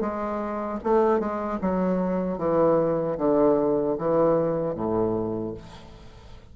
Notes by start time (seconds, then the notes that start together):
0.00 G#3
0.83 A3
1.19 G#3
1.61 F#3
2.38 E3
3.18 D3
3.98 E3
4.75 A2